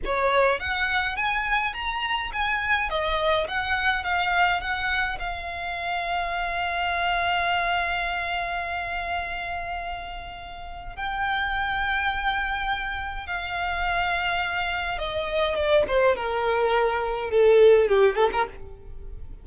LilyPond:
\new Staff \with { instrumentName = "violin" } { \time 4/4 \tempo 4 = 104 cis''4 fis''4 gis''4 ais''4 | gis''4 dis''4 fis''4 f''4 | fis''4 f''2.~ | f''1~ |
f''2. g''4~ | g''2. f''4~ | f''2 dis''4 d''8 c''8 | ais'2 a'4 g'8 a'16 ais'16 | }